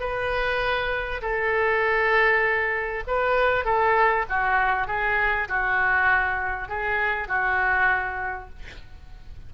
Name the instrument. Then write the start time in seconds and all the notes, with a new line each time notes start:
oboe
0.00 B4
1.22 A4
3.07 B4
3.65 A4
4.29 F#4
4.87 G#4
5.48 F#4
6.69 G#4
7.28 F#4